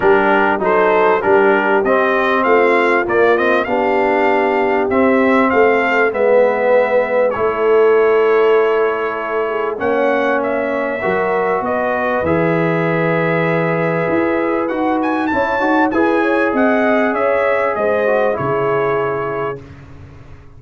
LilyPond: <<
  \new Staff \with { instrumentName = "trumpet" } { \time 4/4 \tempo 4 = 98 ais'4 c''4 ais'4 dis''4 | f''4 d''8 dis''8 f''2 | e''4 f''4 e''2 | cis''1 |
fis''4 e''2 dis''4 | e''1 | fis''8 gis''8 a''4 gis''4 fis''4 | e''4 dis''4 cis''2 | }
  \new Staff \with { instrumentName = "horn" } { \time 4/4 g'4 a'4 g'2 | f'2 g'2~ | g'4 a'4 b'2 | a'2.~ a'8 gis'8 |
cis''2 ais'4 b'4~ | b'1~ | b'4 cis''4 b'8 cis''8 dis''4 | cis''4 c''4 gis'2 | }
  \new Staff \with { instrumentName = "trombone" } { \time 4/4 d'4 dis'4 d'4 c'4~ | c'4 ais8 c'8 d'2 | c'2 b2 | e'1 |
cis'2 fis'2 | gis'1 | fis'4 e'8 fis'8 gis'2~ | gis'4. fis'8 e'2 | }
  \new Staff \with { instrumentName = "tuba" } { \time 4/4 g4 fis4 g4 c'4 | a4 ais4 b2 | c'4 a4 gis2 | a1 |
ais2 fis4 b4 | e2. e'4 | dis'4 cis'8 dis'8 e'4 c'4 | cis'4 gis4 cis2 | }
>>